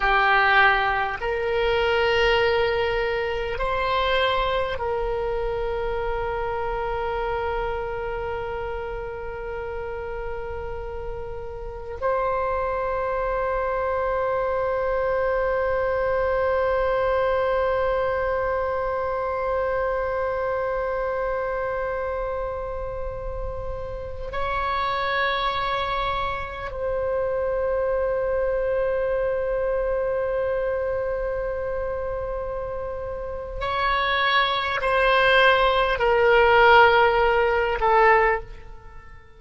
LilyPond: \new Staff \with { instrumentName = "oboe" } { \time 4/4 \tempo 4 = 50 g'4 ais'2 c''4 | ais'1~ | ais'2 c''2~ | c''1~ |
c''1~ | c''16 cis''2 c''4.~ c''16~ | c''1 | cis''4 c''4 ais'4. a'8 | }